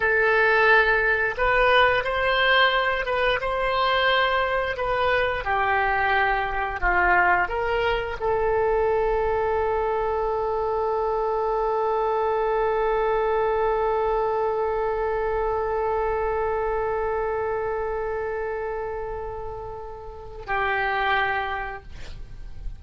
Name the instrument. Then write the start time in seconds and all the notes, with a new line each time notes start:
oboe
0.00 A4
1.37 B4
2.04 C5
3.05 B4
3.40 C5
4.76 B4
5.44 G4
6.80 F4
7.48 A#4
8.19 A4
20.46 G4